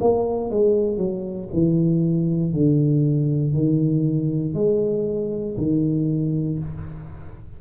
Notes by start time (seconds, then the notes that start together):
0.00 A#3
0.51 G#3
0.98 F#3
1.53 E3
2.53 D3
3.54 D#3
4.55 G#3
5.58 D#3